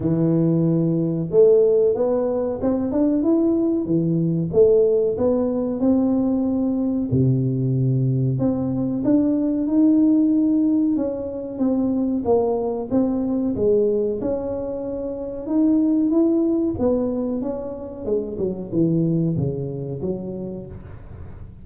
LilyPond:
\new Staff \with { instrumentName = "tuba" } { \time 4/4 \tempo 4 = 93 e2 a4 b4 | c'8 d'8 e'4 e4 a4 | b4 c'2 c4~ | c4 c'4 d'4 dis'4~ |
dis'4 cis'4 c'4 ais4 | c'4 gis4 cis'2 | dis'4 e'4 b4 cis'4 | gis8 fis8 e4 cis4 fis4 | }